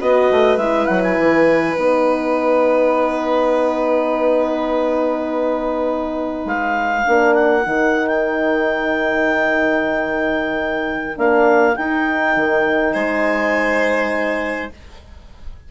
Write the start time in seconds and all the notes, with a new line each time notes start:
0.00 B3 F#4 B4 D#5
0.31 A3
0.58 G#3 E4 E5
0.86 F#3 F#5
1.04 G#5
1.18 E3
1.76 B3 D#4 F#5
6.45 G#3 F5
7.06 A#3 D4 A#4
7.34 F#5
7.66 D#3 D#4
8.07 G5
11.16 A#3 D4 F5
11.76 D#4 G5
12.36 D#3
12.93 G#3 C5 G#5